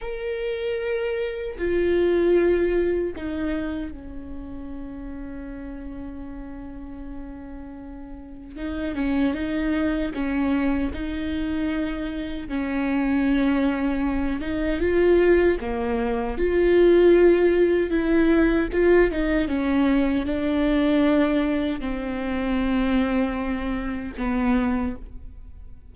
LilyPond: \new Staff \with { instrumentName = "viola" } { \time 4/4 \tempo 4 = 77 ais'2 f'2 | dis'4 cis'2.~ | cis'2. dis'8 cis'8 | dis'4 cis'4 dis'2 |
cis'2~ cis'8 dis'8 f'4 | ais4 f'2 e'4 | f'8 dis'8 cis'4 d'2 | c'2. b4 | }